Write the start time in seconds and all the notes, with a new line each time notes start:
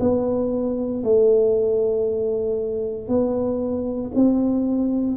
0.00 B3
1.03 A3
3.08 B3
4.15 C4